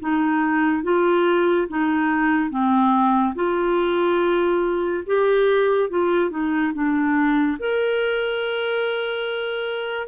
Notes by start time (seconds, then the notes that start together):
0.00 D#4
0.83 F4
1.68 D#4
2.50 C4
3.35 F4
5.06 G4
5.90 F4
6.30 D#4
6.74 D4
7.59 A#4